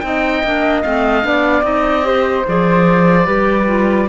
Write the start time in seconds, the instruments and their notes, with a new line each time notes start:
0.00 cello C4, clarinet D#4, flute D#5, oboe G5
0.44 cello A#3, clarinet D4
0.83 cello A3, clarinet C4, oboe F5
1.23 cello B3, clarinet D4, flute D5
1.63 cello C4, clarinet D#4, oboe D#5
2.04 clarinet G4, flute C5
2.48 cello F3, clarinet G#4, oboe D5
3.26 cello G3, clarinet G4, flute B4
3.67 clarinet F4